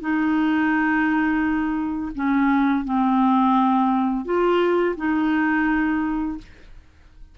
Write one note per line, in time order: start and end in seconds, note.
0.00 2.12 D#4
2.15 2.85 C#4
2.85 4.25 C4
4.25 4.95 F4
4.97 6.38 D#4